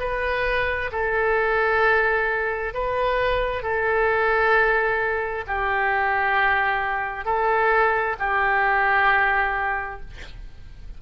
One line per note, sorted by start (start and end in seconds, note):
0.00 0.91 B4
0.92 2.74 A4
2.74 3.63 B4
3.63 5.45 A4
5.47 7.26 G4
7.26 8.17 A4
8.19 10.01 G4